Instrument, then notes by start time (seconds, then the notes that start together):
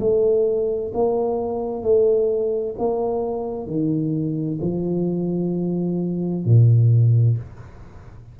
tuba
0.00 A3
0.94 A#3
1.83 A3
2.79 A#3
3.67 D#3
4.62 F3
6.46 A#2